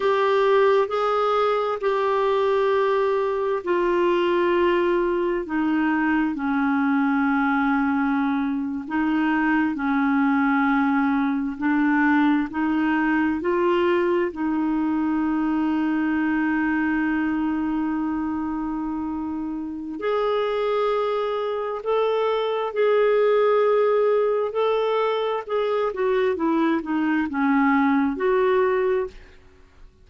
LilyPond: \new Staff \with { instrumentName = "clarinet" } { \time 4/4 \tempo 4 = 66 g'4 gis'4 g'2 | f'2 dis'4 cis'4~ | cis'4.~ cis'16 dis'4 cis'4~ cis'16~ | cis'8. d'4 dis'4 f'4 dis'16~ |
dis'1~ | dis'2 gis'2 | a'4 gis'2 a'4 | gis'8 fis'8 e'8 dis'8 cis'4 fis'4 | }